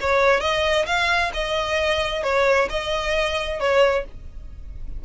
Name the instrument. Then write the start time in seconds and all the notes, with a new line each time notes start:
violin
0.00 C#5
0.40 D#5
0.86 F5
1.33 D#5
2.23 C#5
2.69 D#5
3.60 C#5